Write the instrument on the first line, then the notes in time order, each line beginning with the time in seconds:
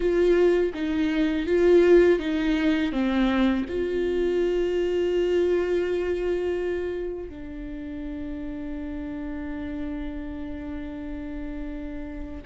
viola
0.00 F4
0.74 D#4
1.46 F4
2.19 D#4
2.91 C4
3.68 F4
7.29 D4